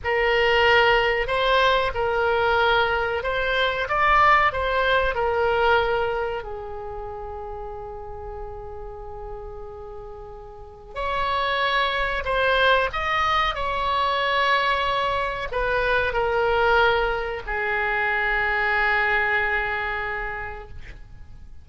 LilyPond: \new Staff \with { instrumentName = "oboe" } { \time 4/4 \tempo 4 = 93 ais'2 c''4 ais'4~ | ais'4 c''4 d''4 c''4 | ais'2 gis'2~ | gis'1~ |
gis'4 cis''2 c''4 | dis''4 cis''2. | b'4 ais'2 gis'4~ | gis'1 | }